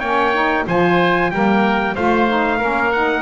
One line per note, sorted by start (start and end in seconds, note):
0.00 0.66 A#3
0.00 0.34 C#4
0.00 0.65 C#5
0.00 0.65 G5
0.34 0.66 D#4
0.67 1.32 F3
0.67 1.32 F4
0.67 1.32 C5
0.67 1.31 G#5
1.31 1.97 G3
1.31 1.97 A#3
1.31 1.95 A#4
1.31 1.96 G5
1.95 2.62 A3
1.95 2.28 F4
1.95 2.59 C5
1.95 2.93 F5
2.28 2.60 D#4
2.59 3.22 A#3
2.59 2.92 C#4
2.59 3.22 A#4
2.93 3.22 D#4
2.93 3.22 F#5